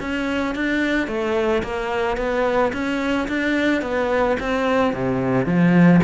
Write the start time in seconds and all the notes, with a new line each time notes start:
0.00 C#4
0.55 D4
1.08 A3
1.63 A#3
2.17 B3
2.73 C#4
3.28 D4
3.82 B3
4.40 C4
4.93 C3
5.46 F3